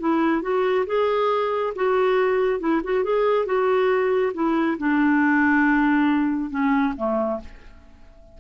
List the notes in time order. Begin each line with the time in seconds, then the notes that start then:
0.00 E4
0.42 F#4
0.87 G#4
1.75 F#4
2.60 E4
2.84 F#4
3.04 G#4
3.46 F#4
4.34 E4
4.79 D4
6.50 C#4
6.97 A3